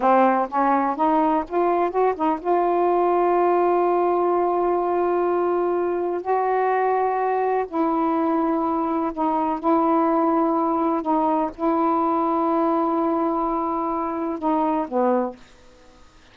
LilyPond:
\new Staff \with { instrumentName = "saxophone" } { \time 4/4 \tempo 4 = 125 c'4 cis'4 dis'4 f'4 | fis'8 dis'8 f'2.~ | f'1~ | f'4 fis'2. |
e'2. dis'4 | e'2. dis'4 | e'1~ | e'2 dis'4 b4 | }